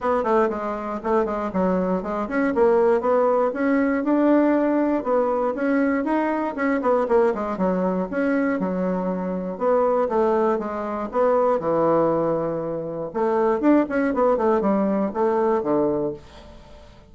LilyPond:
\new Staff \with { instrumentName = "bassoon" } { \time 4/4 \tempo 4 = 119 b8 a8 gis4 a8 gis8 fis4 | gis8 cis'8 ais4 b4 cis'4 | d'2 b4 cis'4 | dis'4 cis'8 b8 ais8 gis8 fis4 |
cis'4 fis2 b4 | a4 gis4 b4 e4~ | e2 a4 d'8 cis'8 | b8 a8 g4 a4 d4 | }